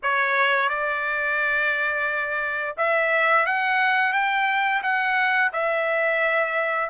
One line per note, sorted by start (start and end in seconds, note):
0.03 0.69 C#5
0.69 2.76 D5
2.77 3.45 E5
3.45 4.13 F#5
4.13 4.82 G5
4.82 5.51 F#5
5.52 6.89 E5